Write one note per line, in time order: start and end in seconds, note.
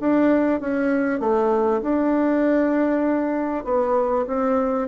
0.00 0.60 D4
0.60 1.20 C#4
1.20 1.81 A3
1.82 3.65 D4
3.65 4.26 B3
4.27 4.88 C4